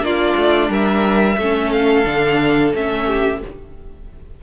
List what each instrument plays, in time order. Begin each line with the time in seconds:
0.00 cello A#3, viola D4, violin F4 D5
0.37 cello A3
0.69 cello G3, violin A#4 E5
1.37 cello A3, viola C#4, violin A4
1.72 violin F5
2.04 cello D3, viola D4
2.74 cello A3, viola C#4, violin E5
3.06 violin G4